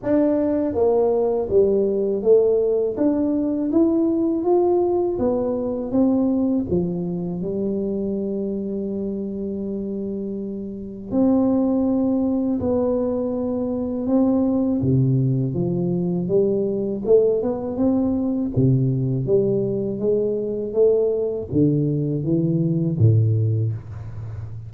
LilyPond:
\new Staff \with { instrumentName = "tuba" } { \time 4/4 \tempo 4 = 81 d'4 ais4 g4 a4 | d'4 e'4 f'4 b4 | c'4 f4 g2~ | g2. c'4~ |
c'4 b2 c'4 | c4 f4 g4 a8 b8 | c'4 c4 g4 gis4 | a4 d4 e4 a,4 | }